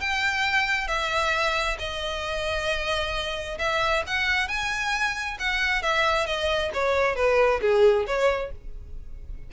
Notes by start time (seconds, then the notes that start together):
0.00 G5
0.87 E5
1.78 D#5
3.58 E5
4.06 F#5
4.48 G#5
5.39 F#5
5.82 E5
6.26 D#5
6.73 C#5
7.15 B4
7.61 G#4
8.07 C#5